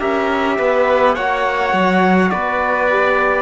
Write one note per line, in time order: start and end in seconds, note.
0.00 0.59 C#4
0.00 1.16 G4
0.00 0.58 A#4
0.00 1.15 E5
0.58 1.17 B3
0.58 1.16 B4
1.15 1.73 A#3
1.15 2.91 F#4
1.15 2.31 C#5
1.15 2.31 F#5
1.73 2.31 F#3
2.31 3.43 B3
2.31 3.43 B4
2.31 3.43 D5
2.91 3.43 G4